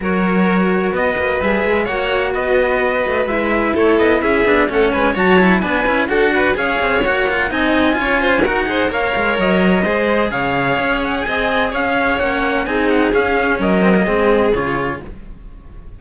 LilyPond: <<
  \new Staff \with { instrumentName = "trumpet" } { \time 4/4 \tempo 4 = 128 cis''2 dis''4 e''4 | fis''4 dis''2 e''4 | cis''8 dis''8 e''4 fis''8 gis''8 a''4 | gis''4 fis''4 f''4 fis''4 |
gis''2 fis''4 f''4 | dis''2 f''4. fis''8 | gis''4 f''4 fis''4 gis''8 fis''8 | f''4 dis''2 cis''4 | }
  \new Staff \with { instrumentName = "violin" } { \time 4/4 ais'2 b'2 | cis''4 b'2. | a'4 gis'4 a'8 b'8 cis''4 | b'4 a'8 b'8 cis''2 |
dis''4 cis''8 c''8 ais'8 c''8 cis''4~ | cis''4 c''4 cis''2 | dis''4 cis''2 gis'4~ | gis'4 ais'4 gis'2 | }
  \new Staff \with { instrumentName = "cello" } { \time 4/4 fis'2. gis'4 | fis'2. e'4~ | e'4. d'8 cis'4 fis'8 e'8 | d'8 e'8 fis'4 gis'4 fis'8 f'8 |
dis'4 f'4 fis'8 gis'8 ais'4~ | ais'4 gis'2.~ | gis'2 cis'4 dis'4 | cis'4. c'16 ais16 c'4 f'4 | }
  \new Staff \with { instrumentName = "cello" } { \time 4/4 fis2 b8 ais8 g8 gis8 | ais4 b4. a8 gis4 | a8 b8 cis'8 b8 a8 gis8 fis4 | b8 cis'8 d'4 cis'8 c'8 ais4 |
c'4 cis'4 dis'4 ais8 gis8 | fis4 gis4 cis4 cis'4 | c'4 cis'4 ais4 c'4 | cis'4 fis4 gis4 cis4 | }
>>